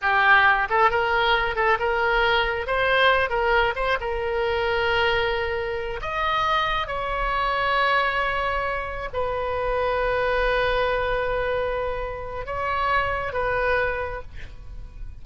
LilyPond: \new Staff \with { instrumentName = "oboe" } { \time 4/4 \tempo 4 = 135 g'4. a'8 ais'4. a'8 | ais'2 c''4. ais'8~ | ais'8 c''8 ais'2.~ | ais'4. dis''2 cis''8~ |
cis''1~ | cis''8 b'2.~ b'8~ | b'1 | cis''2 b'2 | }